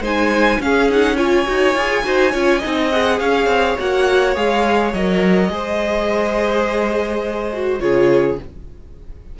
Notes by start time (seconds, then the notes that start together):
0.00 G#3 D#4 C5 G#5
0.59 C#4 G#4 F5
0.90 D#4 F#5
1.16 F4 C#5 G#5
1.45 D#4 F#4
1.75 F4 G#4
2.03 D#4 F#4 C5
2.31 C#4 F4 C#5
2.58 D#4 D#5
2.65 C4
2.91 G#4 F#5
3.19 C#4 C#5 F5
3.46 C4
3.78 A#3 F#4 F#5
4.35 G#3 G#4 F5
4.93 F#3 A#4 D#5
5.49 G#3 G#4 C5
7.52 F#4
7.80 C#3 F4 G#4 C#5